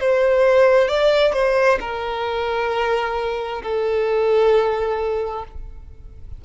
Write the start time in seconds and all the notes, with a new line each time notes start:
0.00 C5
0.88 D5
1.33 C5
1.80 A#4
3.62 A4